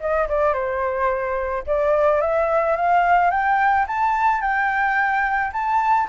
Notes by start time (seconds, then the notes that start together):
0.00 D#5
0.28 D5
0.53 C5
1.66 D5
2.21 E5
2.76 F5
3.31 G5
3.87 A5
4.41 G5
5.52 A5